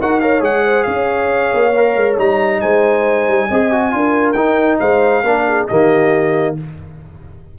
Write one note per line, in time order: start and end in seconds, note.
0.00 0.42 D#4
0.00 0.22 F#4
0.00 0.22 A#4
0.00 0.20 F#5
0.20 0.40 A#4
0.20 0.65 C#5
0.20 0.42 F5
0.40 0.85 G#3
0.40 1.72 G#4
0.40 0.83 F#5
0.65 0.86 C5
0.83 1.53 C#4
0.83 2.61 C#5
0.83 2.15 F5
1.54 1.96 A#3
1.76 2.18 A#4
1.96 2.18 G#3
2.18 2.62 G3
2.18 3.49 D#4
2.18 2.61 A#5
2.61 3.28 G#3
2.61 3.48 C5
2.61 4.33 G#5
3.28 3.50 G3
3.48 3.94 C4
3.48 3.72 G#4
3.48 3.92 D#5
3.72 3.91 F#4
3.91 4.35 D4
3.91 4.35 F4
3.91 4.79 A#4
4.33 4.79 D#4
4.33 5.24 D#4
4.33 4.77 G5
4.79 5.23 G#3
4.79 5.23 C5
4.79 5.67 F5
5.23 5.67 A#3
5.23 5.68 D4
5.23 5.45 A#4
5.47 5.68 G#4
5.68 6.59 D#3
5.68 6.57 A#3
5.68 6.56 G4
5.68 6.55 D#5